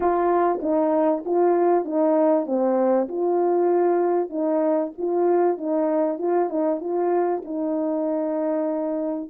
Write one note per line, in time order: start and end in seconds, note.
0.00 0.60 F4
0.62 1.23 D#4
1.25 1.84 F4
1.84 2.46 D#4
2.46 3.08 C4
3.08 4.29 F4
4.29 4.91 D#4
4.98 5.57 F4
5.57 6.18 D#4
6.18 6.49 F4
6.49 6.80 D#4
6.80 7.42 F4
7.44 9.30 D#4